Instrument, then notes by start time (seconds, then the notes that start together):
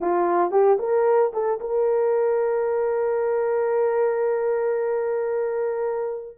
horn
0.00 F4
0.51 G4
0.79 A#4
1.33 A4
1.60 A#4